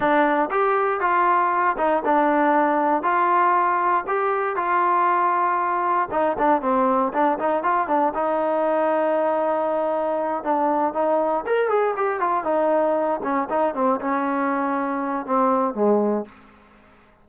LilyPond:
\new Staff \with { instrumentName = "trombone" } { \time 4/4 \tempo 4 = 118 d'4 g'4 f'4. dis'8 | d'2 f'2 | g'4 f'2. | dis'8 d'8 c'4 d'8 dis'8 f'8 d'8 |
dis'1~ | dis'8 d'4 dis'4 ais'8 gis'8 g'8 | f'8 dis'4. cis'8 dis'8 c'8 cis'8~ | cis'2 c'4 gis4 | }